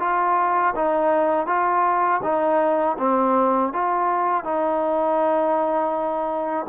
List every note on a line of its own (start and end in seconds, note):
0.00 0.74 F4
0.75 1.46 D#4
1.46 2.20 F4
2.23 2.97 D#4
2.99 3.73 C4
3.73 4.44 F4
4.44 6.66 D#4